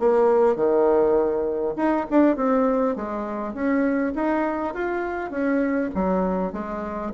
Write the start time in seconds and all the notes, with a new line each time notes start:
0.00 A#3
0.56 D#3
1.77 D#4
2.11 D4
2.37 C4
2.96 G#3
3.54 C#4
4.15 D#4
4.75 F4
5.31 C#4
5.95 F#3
6.53 G#3